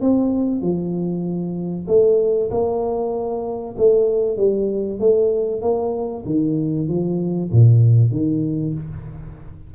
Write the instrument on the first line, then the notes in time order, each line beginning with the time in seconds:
tuba
0.00 C4
0.61 F3
1.87 A3
2.50 A#3
3.77 A3
4.37 G3
4.99 A3
5.61 A#3
6.25 D#3
6.88 F3
7.51 A#2
8.11 D#3